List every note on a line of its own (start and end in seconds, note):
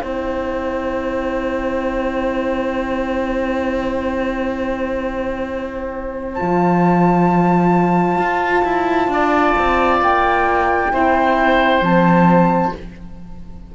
0.00 6.39 C4
0.00 6.37 E4
0.00 9.11 C5
0.00 6.34 G5
6.34 10.92 F4
6.34 9.98 A5
6.41 8.18 F3
8.18 8.63 F4
8.64 9.07 E4
9.07 9.53 D4
9.07 10.92 D5
9.58 10.01 C4
10.01 10.92 A#3
10.01 11.84 G5
10.92 11.80 C4
10.92 11.82 E4
10.92 12.74 C5
11.80 12.71 F3
11.80 12.73 C4
11.80 12.74 A5